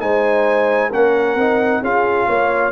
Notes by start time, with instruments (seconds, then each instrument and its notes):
0.00 tuba G#3, trombone D#4, horn C5, trumpet G#5
0.90 tuba A#3, trombone C#4, horn A#4, trumpet F#5
1.35 tuba C4, trombone D#4
1.82 tuba C#4, trombone F4, horn G#4, trumpet F5
2.27 tuba A#3, horn C#5